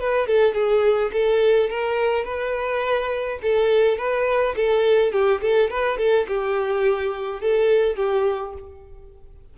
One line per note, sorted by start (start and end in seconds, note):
0.00 0.27 B4
0.27 0.55 A4
0.55 1.12 G#4
1.13 1.70 A4
1.70 2.25 A#4
2.25 3.39 B4
3.42 3.98 A4
3.98 4.55 B4
4.56 5.12 A4
5.12 5.41 G4
5.42 5.70 A4
5.70 5.98 B4
5.98 6.26 A4
6.28 7.41 G4
7.41 7.96 A4
7.96 8.54 G4